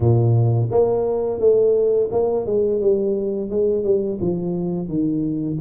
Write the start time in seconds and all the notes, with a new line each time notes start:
0.00 A#2
0.70 A#3
1.40 A3
2.11 A#3
2.46 G#3
2.80 G3
3.50 G#3
3.84 G3
4.21 F3
4.88 D#3